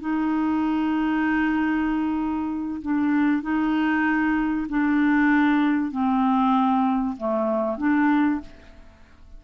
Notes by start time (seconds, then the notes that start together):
0.00 D#4
2.82 D4
3.42 D#4
4.69 D4
5.91 C4
7.17 A3
7.78 D4